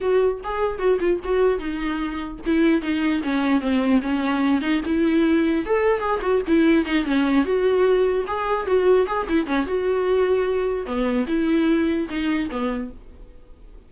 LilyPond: \new Staff \with { instrumentName = "viola" } { \time 4/4 \tempo 4 = 149 fis'4 gis'4 fis'8 f'8 fis'4 | dis'2 e'4 dis'4 | cis'4 c'4 cis'4. dis'8 | e'2 a'4 gis'8 fis'8 |
e'4 dis'8 cis'4 fis'4.~ | fis'8 gis'4 fis'4 gis'8 e'8 cis'8 | fis'2. b4 | e'2 dis'4 b4 | }